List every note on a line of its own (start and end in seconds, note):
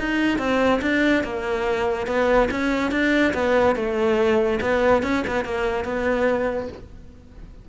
0.00 0.39 D#4
0.39 0.81 C4
0.82 1.24 D4
1.24 2.07 A#3
2.07 2.49 B3
2.51 2.92 C#4
2.92 3.34 D4
3.34 3.76 B3
3.76 4.60 A3
4.61 5.03 B3
5.03 5.24 C#4
5.27 5.45 B3
5.45 5.85 A#3
5.85 6.68 B3